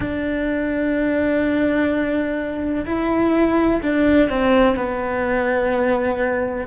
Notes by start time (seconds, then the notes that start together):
0.00 D4
2.85 E4
3.82 D4
4.29 C4
4.76 B3